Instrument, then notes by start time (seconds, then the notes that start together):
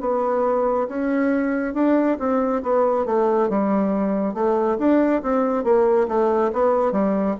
bassoon
0.00 B3
0.88 C#4
1.74 D4
2.19 C4
2.62 B3
3.05 A3
3.49 G3
4.34 A3
4.78 D4
5.22 C4
5.64 A#3
6.08 A3
6.53 B3
6.92 G3